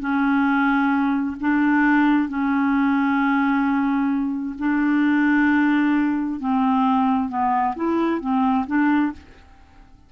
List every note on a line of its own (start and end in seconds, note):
0.00 1.36 C#4
1.40 2.29 D4
2.29 4.56 C#4
4.58 6.40 D4
6.40 7.29 C4
7.29 7.74 B3
7.76 8.20 E4
8.20 8.66 C4
8.67 9.12 D4